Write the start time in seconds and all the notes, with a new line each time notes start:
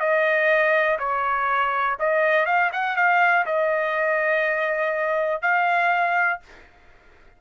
0.00 D#5
0.99 C#5
2.00 D#5
2.46 F5
2.73 F#5
2.96 F5
3.46 D#5
5.42 F5